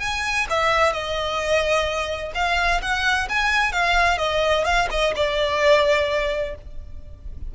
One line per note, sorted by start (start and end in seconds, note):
0.00 0.47 G#5
0.50 0.93 E5
0.93 2.32 D#5
2.35 2.81 F5
2.82 3.28 F#5
3.29 3.72 G#5
3.72 4.18 F5
4.18 4.64 D#5
4.65 4.88 F5
4.90 5.14 D#5
5.16 6.55 D5